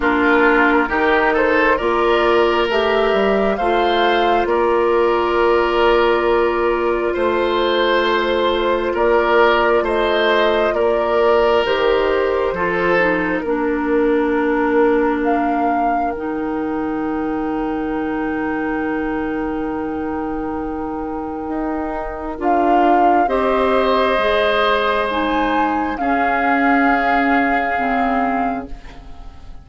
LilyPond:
<<
  \new Staff \with { instrumentName = "flute" } { \time 4/4 \tempo 4 = 67 ais'4. c''8 d''4 e''4 | f''4 d''2. | c''2 d''4 dis''4 | d''4 c''2 ais'4~ |
ais'4 f''4 g''2~ | g''1~ | g''4 f''4 dis''2 | gis''4 f''2. | }
  \new Staff \with { instrumentName = "oboe" } { \time 4/4 f'4 g'8 a'8 ais'2 | c''4 ais'2. | c''2 ais'4 c''4 | ais'2 a'4 ais'4~ |
ais'1~ | ais'1~ | ais'2 c''2~ | c''4 gis'2. | }
  \new Staff \with { instrumentName = "clarinet" } { \time 4/4 d'4 dis'4 f'4 g'4 | f'1~ | f'1~ | f'4 g'4 f'8 dis'8 d'4~ |
d'2 dis'2~ | dis'1~ | dis'4 f'4 g'4 gis'4 | dis'4 cis'2 c'4 | }
  \new Staff \with { instrumentName = "bassoon" } { \time 4/4 ais4 dis4 ais4 a8 g8 | a4 ais2. | a2 ais4 a4 | ais4 dis4 f4 ais4~ |
ais2 dis2~ | dis1 | dis'4 d'4 c'4 gis4~ | gis4 cis'2 cis4 | }
>>